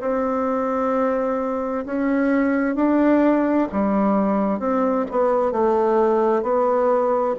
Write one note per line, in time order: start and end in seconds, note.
0.00 1.85 C4
1.85 2.75 C#4
2.75 3.68 D4
3.72 4.59 G3
4.59 5.05 C4
5.11 5.51 B3
5.51 6.42 A3
6.42 7.35 B3